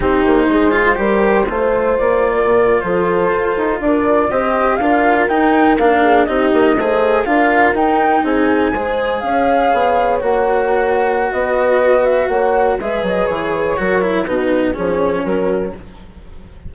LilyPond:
<<
  \new Staff \with { instrumentName = "flute" } { \time 4/4 \tempo 4 = 122 c''1 | d''4.~ d''16 c''2 d''16~ | d''8. dis''4 f''4 g''4 f''16~ | f''8. dis''2 f''4 g''16~ |
g''8. gis''2 f''4~ f''16~ | f''8. fis''2~ fis''16 dis''4~ | dis''8 e''8 fis''4 e''8 dis''8 cis''4~ | cis''4 b'4 cis''4 ais'4 | }
  \new Staff \with { instrumentName = "horn" } { \time 4/4 g'4 gis'4 ais'4 c''4~ | c''8. ais'4 a'2 ais'16~ | ais'8. c''4 ais'2~ ais'16~ | ais'16 gis'8 g'4 c''4 ais'4~ ais'16~ |
ais'8. gis'4 c''4 cis''4~ cis''16~ | cis''2. b'4~ | b'4 cis''4 b'2 | ais'4 fis'4 gis'4 fis'4 | }
  \new Staff \with { instrumentName = "cello" } { \time 4/4 dis'4. f'8 g'4 f'4~ | f'1~ | f'8. g'4 f'4 dis'4 d'16~ | d'8. dis'4 gis'4 f'4 dis'16~ |
dis'4.~ dis'16 gis'2~ gis'16~ | gis'8. fis'2.~ fis'16~ | fis'2 gis'2 | fis'8 e'8 dis'4 cis'2 | }
  \new Staff \with { instrumentName = "bassoon" } { \time 4/4 c'8 ais8 gis4 g4 a4 | ais4 ais,8. f4 f'8 dis'8 d'16~ | d'8. c'4 d'4 dis'4 ais16~ | ais8. c'8 ais8 a4 d'4 dis'16~ |
dis'8. c'4 gis4 cis'4 b16~ | b8. ais2~ ais16 b4~ | b4 ais4 gis8 fis8 e4 | fis4 b,4 f4 fis4 | }
>>